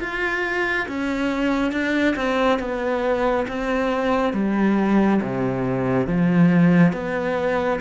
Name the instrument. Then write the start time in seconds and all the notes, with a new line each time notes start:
cello
0.00 F4
0.88 C#4
1.72 D4
2.16 C4
2.59 B3
3.48 C4
4.33 G3
5.21 C3
6.06 F3
6.92 B3